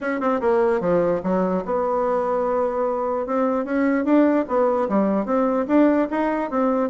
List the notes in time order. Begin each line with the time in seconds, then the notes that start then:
0.00 C#4
0.20 C4
0.41 A#3
0.80 F3
1.23 F#3
1.65 B3
3.26 C4
3.64 C#4
4.04 D4
4.47 B3
4.88 G3
5.25 C4
5.67 D4
6.10 D#4
6.50 C4